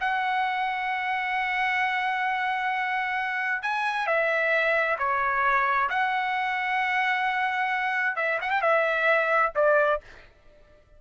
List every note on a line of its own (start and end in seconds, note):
0.00 3.62 F#5
3.62 4.07 G#5
4.07 4.98 E5
4.98 5.89 C#5
5.90 8.16 F#5
8.16 8.39 E5
8.41 8.50 F#5
8.50 8.62 G5
8.62 9.52 E5
9.55 10.00 D5